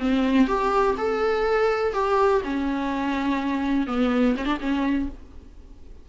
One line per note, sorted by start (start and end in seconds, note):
0.00 0.48 C4
0.48 0.96 G4
0.98 1.94 A4
1.94 2.42 G4
2.45 3.87 C#4
3.87 4.36 B3
4.37 4.46 C#4
4.46 4.58 D4
4.61 5.10 C#4